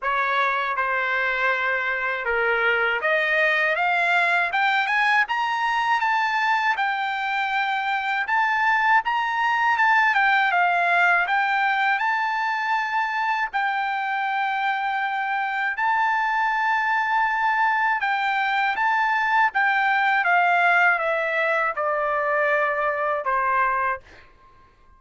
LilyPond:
\new Staff \with { instrumentName = "trumpet" } { \time 4/4 \tempo 4 = 80 cis''4 c''2 ais'4 | dis''4 f''4 g''8 gis''8 ais''4 | a''4 g''2 a''4 | ais''4 a''8 g''8 f''4 g''4 |
a''2 g''2~ | g''4 a''2. | g''4 a''4 g''4 f''4 | e''4 d''2 c''4 | }